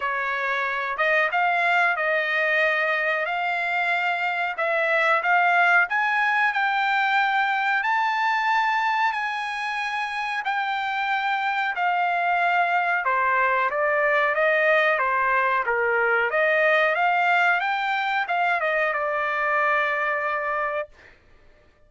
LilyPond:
\new Staff \with { instrumentName = "trumpet" } { \time 4/4 \tempo 4 = 92 cis''4. dis''8 f''4 dis''4~ | dis''4 f''2 e''4 | f''4 gis''4 g''2 | a''2 gis''2 |
g''2 f''2 | c''4 d''4 dis''4 c''4 | ais'4 dis''4 f''4 g''4 | f''8 dis''8 d''2. | }